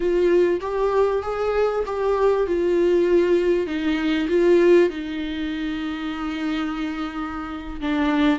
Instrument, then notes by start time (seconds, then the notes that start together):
viola
0.00 F4
0.61 G4
1.22 G#4
1.86 G4
2.47 F4
3.66 D#4
4.29 F4
4.89 D#4
7.81 D4